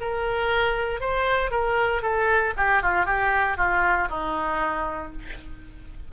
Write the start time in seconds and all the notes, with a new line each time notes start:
0.00 A#4
1.00 C5
1.51 A#4
2.02 A4
2.57 G4
2.82 F4
3.06 G4
3.57 F4
4.09 D#4